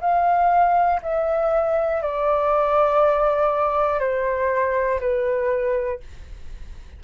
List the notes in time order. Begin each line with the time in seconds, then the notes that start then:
0.00 F5
1.02 E5
2.02 D5
3.99 C5
5.00 B4